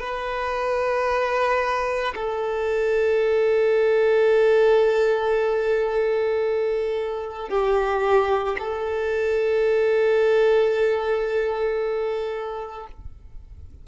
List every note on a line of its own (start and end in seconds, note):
0.00 2.14 B4
2.15 7.49 A4
7.49 8.56 G4
8.58 12.87 A4